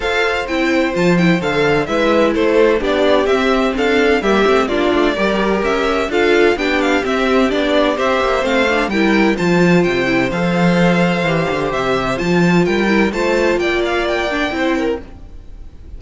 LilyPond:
<<
  \new Staff \with { instrumentName = "violin" } { \time 4/4 \tempo 4 = 128 f''4 g''4 a''8 g''8 f''4 | e''4 c''4 d''4 e''4 | f''4 e''4 d''2 | e''4 f''4 g''8 f''8 e''4 |
d''4 e''4 f''4 g''4 | a''4 g''4 f''2~ | f''4 e''4 a''4 g''4 | a''4 g''8 f''8 g''2 | }
  \new Staff \with { instrumentName = "violin" } { \time 4/4 c''1 | b'4 a'4 g'2 | a'4 g'4 f'4 ais'4~ | ais'4 a'4 g'2~ |
g'4 c''2 ais'4 | c''1~ | c''2. ais'4 | c''4 d''2 c''8 ais'8 | }
  \new Staff \with { instrumentName = "viola" } { \time 4/4 a'4 e'4 f'8 e'8 a'4 | e'2 d'4 c'4~ | c'4 ais8 c'8 d'4 g'4~ | g'4 f'4 d'4 c'4 |
d'4 g'4 c'8 d'8 e'4 | f'4. e'8 a'2 | g'2 f'4. e'8 | f'2~ f'8 d'8 e'4 | }
  \new Staff \with { instrumentName = "cello" } { \time 4/4 f'4 c'4 f4 d4 | gis4 a4 b4 c'4 | d'4 g8 a8 ais8 a8 g4 | cis'4 d'4 b4 c'4 |
b4 c'8 ais8 a4 g4 | f4 c4 f2 | e8 d8 c4 f4 g4 | a4 ais2 c'4 | }
>>